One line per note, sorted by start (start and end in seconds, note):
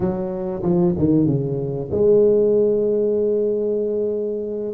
0.00 0.62 F#3
0.62 0.94 F3
0.98 1.26 D#3
1.26 1.89 C#3
1.91 4.73 G#3